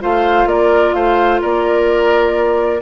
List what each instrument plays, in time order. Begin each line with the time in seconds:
0.00 bassoon A3, clarinet F4, oboe C5, flute F5
0.45 bassoon A#3, oboe A#4, flute D5
0.93 bassoon A3, oboe C5, flute F5
1.41 bassoon A#3, oboe A#4, flute D5